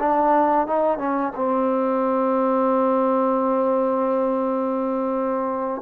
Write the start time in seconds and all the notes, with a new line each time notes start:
0.00 D4
0.67 D#4
0.98 C#4
1.36 C4